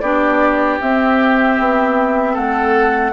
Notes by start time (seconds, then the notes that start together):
0.00 B3 D4 G4 D5
0.80 C4 E5
1.58 B3
2.33 A3 A4 F#5